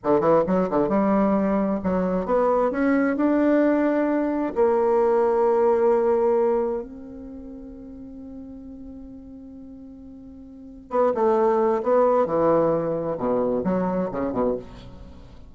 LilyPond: \new Staff \with { instrumentName = "bassoon" } { \time 4/4 \tempo 4 = 132 d8 e8 fis8 d8 g2 | fis4 b4 cis'4 d'4~ | d'2 ais2~ | ais2. c'4~ |
c'1~ | c'1 | b8 a4. b4 e4~ | e4 b,4 fis4 cis8 b,8 | }